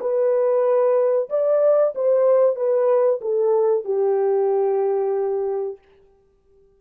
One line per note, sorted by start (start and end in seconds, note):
0.00 1.29 B4
1.29 1.94 D5
1.95 2.55 C5
2.55 3.20 B4
3.21 3.84 A4
3.84 5.78 G4